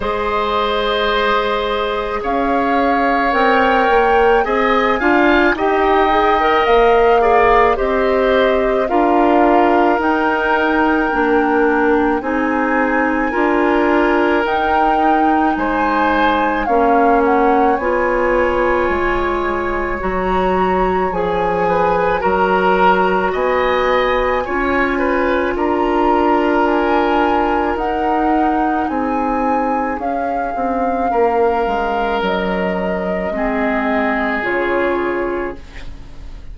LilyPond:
<<
  \new Staff \with { instrumentName = "flute" } { \time 4/4 \tempo 4 = 54 dis''2 f''4 g''4 | gis''4 g''4 f''4 dis''4 | f''4 g''2 gis''4~ | gis''4 g''4 gis''4 f''8 fis''8 |
gis''2 ais''4 gis''4 | ais''4 gis''2 ais''4 | gis''4 fis''4 gis''4 f''4~ | f''4 dis''2 cis''4 | }
  \new Staff \with { instrumentName = "oboe" } { \time 4/4 c''2 cis''2 | dis''8 f''8 dis''4. d''8 c''4 | ais'2. gis'4 | ais'2 c''4 cis''4~ |
cis''2.~ cis''8 b'8 | ais'4 dis''4 cis''8 b'8 ais'4~ | ais'2 gis'2 | ais'2 gis'2 | }
  \new Staff \with { instrumentName = "clarinet" } { \time 4/4 gis'2. ais'4 | gis'8 f'8 g'8 gis'16 ais'8. gis'8 g'4 | f'4 dis'4 d'4 dis'4 | f'4 dis'2 cis'4 |
f'2 fis'4 gis'4 | fis'2 f'2~ | f'4 dis'2 cis'4~ | cis'2 c'4 f'4 | }
  \new Staff \with { instrumentName = "bassoon" } { \time 4/4 gis2 cis'4 c'8 ais8 | c'8 d'8 dis'4 ais4 c'4 | d'4 dis'4 ais4 c'4 | d'4 dis'4 gis4 ais4 |
b4 gis4 fis4 f4 | fis4 b4 cis'4 d'4~ | d'4 dis'4 c'4 cis'8 c'8 | ais8 gis8 fis4 gis4 cis4 | }
>>